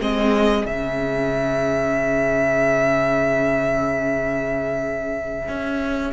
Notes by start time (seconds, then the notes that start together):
0.00 G#3 C4 G#4 D#5
0.64 C#3 C#4 E5
5.48 C#4